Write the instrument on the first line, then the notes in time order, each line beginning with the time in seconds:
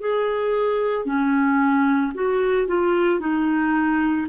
clarinet
0.00 G#4
1.05 C#4
2.14 F#4
2.67 F4
3.19 D#4